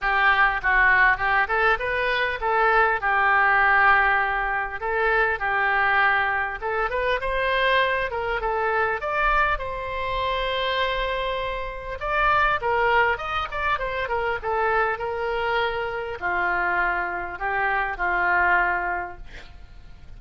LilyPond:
\new Staff \with { instrumentName = "oboe" } { \time 4/4 \tempo 4 = 100 g'4 fis'4 g'8 a'8 b'4 | a'4 g'2. | a'4 g'2 a'8 b'8 | c''4. ais'8 a'4 d''4 |
c''1 | d''4 ais'4 dis''8 d''8 c''8 ais'8 | a'4 ais'2 f'4~ | f'4 g'4 f'2 | }